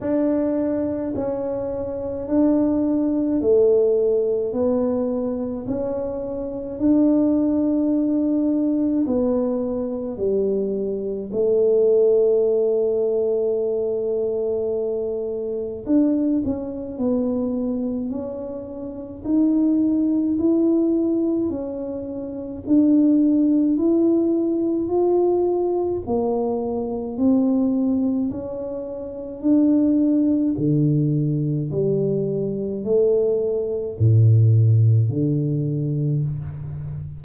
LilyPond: \new Staff \with { instrumentName = "tuba" } { \time 4/4 \tempo 4 = 53 d'4 cis'4 d'4 a4 | b4 cis'4 d'2 | b4 g4 a2~ | a2 d'8 cis'8 b4 |
cis'4 dis'4 e'4 cis'4 | d'4 e'4 f'4 ais4 | c'4 cis'4 d'4 d4 | g4 a4 a,4 d4 | }